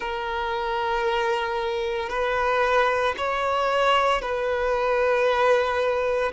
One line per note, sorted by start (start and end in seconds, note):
0.00 2.09 A#4
2.09 3.14 B4
3.17 4.21 C#5
4.21 6.32 B4